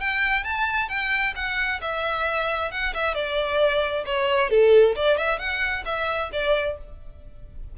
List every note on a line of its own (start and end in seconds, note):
0.00 0.44 G5
0.44 0.89 A5
0.89 1.34 G5
1.35 1.80 F#5
1.81 2.71 E5
2.71 2.93 F#5
2.94 3.14 E5
3.14 4.04 D5
4.06 4.50 C#5
4.50 4.95 A4
4.95 5.18 D5
5.18 5.39 E5
5.39 5.84 F#5
5.85 6.30 E5
6.32 6.77 D5